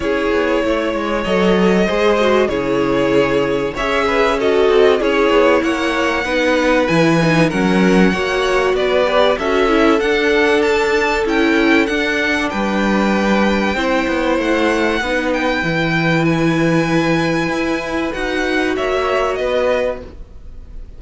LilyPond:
<<
  \new Staff \with { instrumentName = "violin" } { \time 4/4 \tempo 4 = 96 cis''2 dis''2 | cis''2 e''4 dis''4 | cis''4 fis''2 gis''4 | fis''2 d''4 e''4 |
fis''4 a''4 g''4 fis''4 | g''2. fis''4~ | fis''8 g''4. gis''2~ | gis''4 fis''4 e''4 dis''4 | }
  \new Staff \with { instrumentName = "violin" } { \time 4/4 gis'4 cis''2 c''4 | gis'2 cis''8 b'8 a'4 | gis'4 cis''4 b'2 | ais'4 cis''4 b'4 a'4~ |
a'1 | b'2 c''2 | b'1~ | b'2 cis''4 b'4 | }
  \new Staff \with { instrumentName = "viola" } { \time 4/4 e'2 a'4 gis'8 fis'8 | e'2 gis'4 fis'4 | e'2 dis'4 e'8 dis'8 | cis'4 fis'4. g'8 fis'8 e'8 |
d'2 e'4 d'4~ | d'2 e'2 | dis'4 e'2.~ | e'4 fis'2. | }
  \new Staff \with { instrumentName = "cello" } { \time 4/4 cis'8 b8 a8 gis8 fis4 gis4 | cis2 cis'4. c'8 | cis'8 b8 ais4 b4 e4 | fis4 ais4 b4 cis'4 |
d'2 cis'4 d'4 | g2 c'8 b8 a4 | b4 e2. | e'4 dis'4 ais4 b4 | }
>>